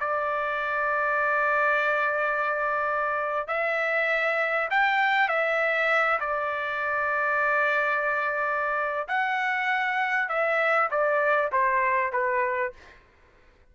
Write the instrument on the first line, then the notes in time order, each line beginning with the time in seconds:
trumpet
0.00 D5
3.47 E5
4.70 G5
5.28 E5
6.20 D5
9.08 F#5
10.28 E5
10.91 D5
11.52 C5
12.12 B4